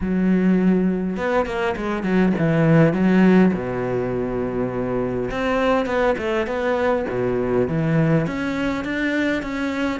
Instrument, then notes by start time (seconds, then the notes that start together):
cello
0.01 F#3
1.17 B3
1.45 A#3
1.76 G#3
2.03 F#3
2.38 E3
2.93 F#3
3.53 B2
5.30 C4
5.86 B3
6.18 A3
6.47 B3
7.09 B2
7.67 E3
8.26 C#4
8.84 D4
9.42 C#4